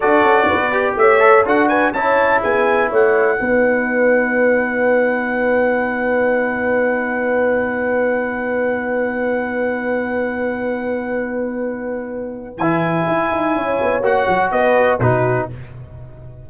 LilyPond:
<<
  \new Staff \with { instrumentName = "trumpet" } { \time 4/4 \tempo 4 = 124 d''2 e''4 fis''8 gis''8 | a''4 gis''4 fis''2~ | fis''1~ | fis''1~ |
fis''1~ | fis''1~ | fis''2 gis''2~ | gis''4 fis''4 dis''4 b'4 | }
  \new Staff \with { instrumentName = "horn" } { \time 4/4 a'4 b'4 cis''4 a'8 b'8 | cis''4 gis'4 cis''4 b'4~ | b'1~ | b'1~ |
b'1~ | b'1~ | b'1 | cis''2 b'4 fis'4 | }
  \new Staff \with { instrumentName = "trombone" } { \time 4/4 fis'4. g'4 a'8 fis'4 | e'2. dis'4~ | dis'1~ | dis'1~ |
dis'1~ | dis'1~ | dis'2 e'2~ | e'4 fis'2 dis'4 | }
  \new Staff \with { instrumentName = "tuba" } { \time 4/4 d'8 cis'8 b4 a4 d'4 | cis'4 b4 a4 b4~ | b1~ | b1~ |
b1~ | b1~ | b2 e4 e'8 dis'8 | cis'8 b8 ais8 fis8 b4 b,4 | }
>>